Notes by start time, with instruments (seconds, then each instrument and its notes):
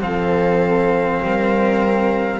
0.00 double bass F3, cello C4, viola A4, trumpet F5
1.22 double bass G3, viola A#4